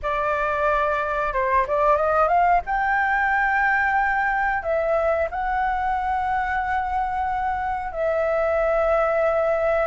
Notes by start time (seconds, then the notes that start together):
0.02 D5
1.33 C5
1.67 D5
1.96 D#5
2.27 F5
2.66 G5
4.62 E5
5.30 F#5
7.92 E5